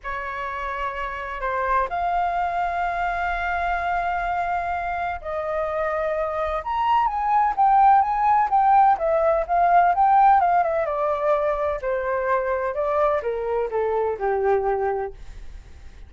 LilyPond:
\new Staff \with { instrumentName = "flute" } { \time 4/4 \tempo 4 = 127 cis''2. c''4 | f''1~ | f''2. dis''4~ | dis''2 ais''4 gis''4 |
g''4 gis''4 g''4 e''4 | f''4 g''4 f''8 e''8 d''4~ | d''4 c''2 d''4 | ais'4 a'4 g'2 | }